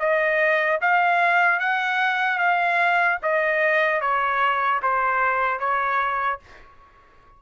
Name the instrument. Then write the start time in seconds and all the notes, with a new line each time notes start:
trumpet
0.00 D#5
0.82 F5
1.60 F#5
2.39 F5
3.23 D#5
4.01 C#5
4.83 C5
5.60 C#5